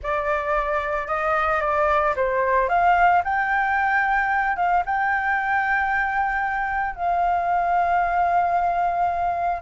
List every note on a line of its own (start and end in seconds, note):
0.02 1.07 D5
1.07 1.60 D#5
1.60 2.14 D5
2.16 2.68 C5
2.68 3.22 F5
3.24 4.56 G5
4.56 4.83 F5
4.85 6.95 G5
6.95 9.62 F5